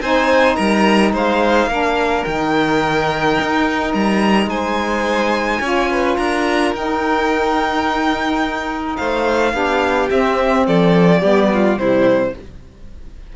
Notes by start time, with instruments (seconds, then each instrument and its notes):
0.00 cello C4, saxophone D#4, violin C5 G#5
0.55 cello G3, violin A#4 A#5
1.12 cello G#3, violin C5 F5
1.66 cello A#3, saxophone D4, violin A#4
2.24 cello D#3, saxophone D#4, violin G5
3.40 cello D#4
3.94 cello G3, violin A#5
4.46 cello G#3, violin C5 G#5
5.61 cello C#4, saxophone F4, violin C#5
5.90 violin B4
6.16 cello D4, violin A#4 A#5
6.72 cello D#4, saxophone D#4, violin G5
8.96 cello A3, violin C5 F5
9.52 cello B3, saxophone D4, violin G4
10.09 saxophone C4, cello C4, violin E5
10.67 cello F3, violin A4 D5
11.20 cello G3, saxophone B3, violin G4
11.53 violin F4
11.77 cello C3, saxophone G3, violin E4 C5